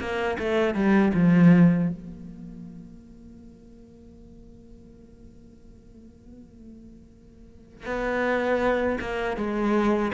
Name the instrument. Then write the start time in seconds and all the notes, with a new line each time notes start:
cello
0.00 A#3
0.39 A3
0.75 G3
1.14 F3
1.89 A#3
7.86 B3
9.01 A#3
9.37 G#3